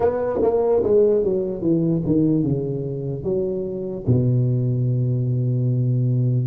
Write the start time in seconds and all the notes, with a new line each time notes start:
0.00 B3
0.42 A#3
0.83 G#3
1.23 F#3
1.61 E3
2.05 D#3
2.43 C#3
3.23 F#3
4.06 B2